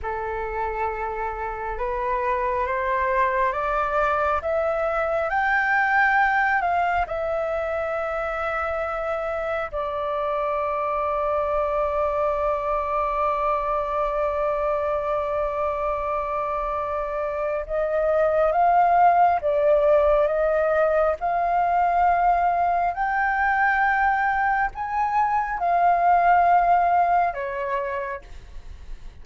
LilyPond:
\new Staff \with { instrumentName = "flute" } { \time 4/4 \tempo 4 = 68 a'2 b'4 c''4 | d''4 e''4 g''4. f''8 | e''2. d''4~ | d''1~ |
d''1 | dis''4 f''4 d''4 dis''4 | f''2 g''2 | gis''4 f''2 cis''4 | }